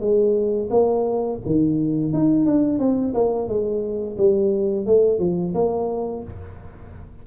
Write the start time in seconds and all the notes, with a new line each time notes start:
0.00 G#3
0.70 A#3
1.46 D#3
2.13 D#4
2.46 D4
2.79 C4
3.14 A#3
3.48 G#3
4.17 G3
4.86 A3
5.19 F3
5.54 A#3